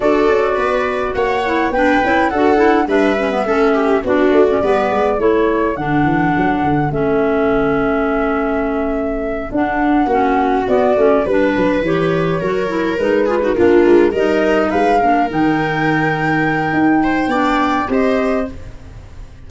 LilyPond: <<
  \new Staff \with { instrumentName = "flute" } { \time 4/4 \tempo 4 = 104 d''2 fis''4 g''4 | fis''4 e''2 d''4~ | d''4 cis''4 fis''2 | e''1~ |
e''8 fis''2 d''4 b'8~ | b'8 cis''2 b'4 ais'8~ | ais'8 dis''4 f''4 g''4.~ | g''2. dis''4 | }
  \new Staff \with { instrumentName = "viola" } { \time 4/4 a'4 b'4 cis''4 b'4 | a'4 b'4 a'8 g'8 fis'4 | b'4 a'2.~ | a'1~ |
a'4. fis'2 b'8~ | b'4. ais'4. gis'16 fis'16 f'8~ | f'8 ais'4 b'8 ais'2~ | ais'4. c''8 d''4 c''4 | }
  \new Staff \with { instrumentName = "clarinet" } { \time 4/4 fis'2~ fis'8 e'8 d'8 e'8 | fis'8 e'8 d'8 cis'16 b16 cis'4 d'8. cis'16 | b4 e'4 d'2 | cis'1~ |
cis'8 d'4 cis'4 b8 cis'8 d'8~ | d'8 g'4 fis'8 e'8 dis'8 f'16 dis'16 d'8~ | d'8 dis'4. d'8 dis'4.~ | dis'2 d'4 g'4 | }
  \new Staff \with { instrumentName = "tuba" } { \time 4/4 d'8 cis'8 b4 ais4 b8 cis'8 | d'4 g4 a4 b8 a8 | g8 gis8 a4 d8 e8 fis8 d8 | a1~ |
a8 d'4 ais4 b8 a8 g8 | fis8 e4 fis4 gis4 ais8 | gis8 g4 gis8 ais8 dis4.~ | dis4 dis'4 b4 c'4 | }
>>